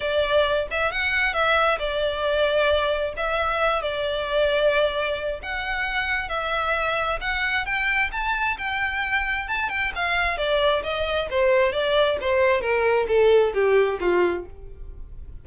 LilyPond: \new Staff \with { instrumentName = "violin" } { \time 4/4 \tempo 4 = 133 d''4. e''8 fis''4 e''4 | d''2. e''4~ | e''8 d''2.~ d''8 | fis''2 e''2 |
fis''4 g''4 a''4 g''4~ | g''4 a''8 g''8 f''4 d''4 | dis''4 c''4 d''4 c''4 | ais'4 a'4 g'4 f'4 | }